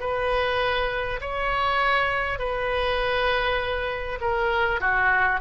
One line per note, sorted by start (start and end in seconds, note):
0.00 1.20 B4
1.21 2.39 C#5
2.39 4.19 B4
4.21 4.80 A#4
4.80 5.40 F#4